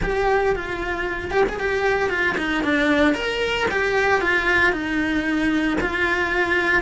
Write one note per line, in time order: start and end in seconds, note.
0.03 0.55 G4
0.55 1.30 F4
1.30 1.44 G4
1.48 1.59 G#4
1.59 2.09 G4
2.09 2.35 F4
2.37 2.63 D#4
2.63 3.14 D4
3.14 3.67 A#4
3.71 4.21 G4
4.21 4.72 F4
4.72 5.77 D#4
5.80 6.82 F4